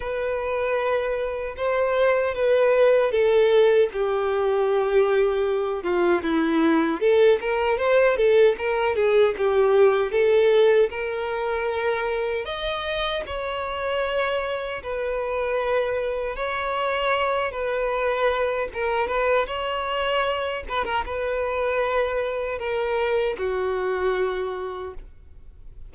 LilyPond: \new Staff \with { instrumentName = "violin" } { \time 4/4 \tempo 4 = 77 b'2 c''4 b'4 | a'4 g'2~ g'8 f'8 | e'4 a'8 ais'8 c''8 a'8 ais'8 gis'8 | g'4 a'4 ais'2 |
dis''4 cis''2 b'4~ | b'4 cis''4. b'4. | ais'8 b'8 cis''4. b'16 ais'16 b'4~ | b'4 ais'4 fis'2 | }